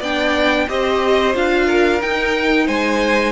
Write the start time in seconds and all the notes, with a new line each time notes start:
0.00 B3 D4 D5 G5
0.68 C4 G4 C5 D#5
1.33 D4 F4 F5
1.66 A#4
2.01 D#4 G5
2.66 G#3 C5 G#5